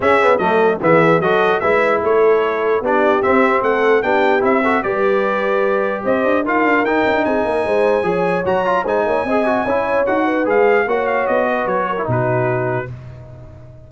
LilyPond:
<<
  \new Staff \with { instrumentName = "trumpet" } { \time 4/4 \tempo 4 = 149 e''4 dis''4 e''4 dis''4 | e''4 cis''2 d''4 | e''4 fis''4 g''4 e''4 | d''2. dis''4 |
f''4 g''4 gis''2~ | gis''4 ais''4 gis''2~ | gis''4 fis''4 f''4 fis''8 f''8 | dis''4 cis''4 b'2 | }
  \new Staff \with { instrumentName = "horn" } { \time 4/4 gis'4 a'4 gis'4 a'4 | b'4 a'2 g'4~ | g'4 a'4 g'4. a'8 | b'2. c''4 |
ais'2 gis'8 ais'8 c''4 | cis''2 c''8 cis''8 dis''4 | cis''4. b'4. cis''4~ | cis''8 b'4 ais'8 fis'2 | }
  \new Staff \with { instrumentName = "trombone" } { \time 4/4 cis'8 b8 a4 b4 fis'4 | e'2. d'4 | c'2 d'4 e'8 fis'8 | g'1 |
f'4 dis'2. | gis'4 fis'8 f'8 dis'4 gis'8 fis'8 | e'4 fis'4 gis'4 fis'4~ | fis'4.~ fis'16 e'16 dis'2 | }
  \new Staff \with { instrumentName = "tuba" } { \time 4/4 cis'4 fis4 e4 fis4 | gis4 a2 b4 | c'4 a4 b4 c'4 | g2. c'8 d'8 |
dis'8 d'8 dis'8 cis'16 d'16 c'8 ais8 gis4 | f4 fis4 gis8 ais8 c'4 | cis'4 dis'4 gis4 ais4 | b4 fis4 b,2 | }
>>